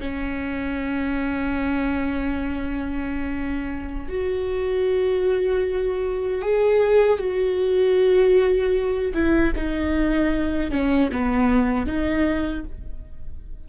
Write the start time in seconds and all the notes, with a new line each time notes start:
0.00 C#4
4.09 F#4
6.42 G#4
7.18 F#4
9.14 E4
9.56 D#4
10.71 C#4
11.12 B3
11.87 D#4